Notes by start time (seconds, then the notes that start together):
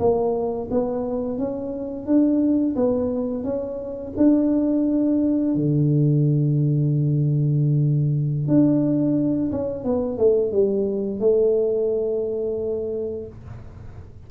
0.00 A#3
0.71 B3
1.39 C#4
2.07 D4
2.76 B3
3.45 C#4
4.18 D4
5.56 D3
8.48 D4
9.52 C#4
9.85 B3
10.18 A3
10.52 G3
11.20 A3